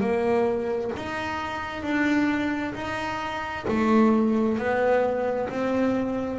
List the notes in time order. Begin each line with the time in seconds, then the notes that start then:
0.00 A#3
0.96 D#4
1.83 D4
2.74 D#4
3.68 A3
4.58 B3
5.49 C4